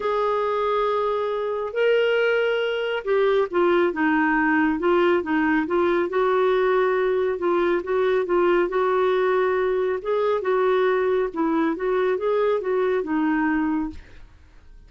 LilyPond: \new Staff \with { instrumentName = "clarinet" } { \time 4/4 \tempo 4 = 138 gis'1 | ais'2. g'4 | f'4 dis'2 f'4 | dis'4 f'4 fis'2~ |
fis'4 f'4 fis'4 f'4 | fis'2. gis'4 | fis'2 e'4 fis'4 | gis'4 fis'4 dis'2 | }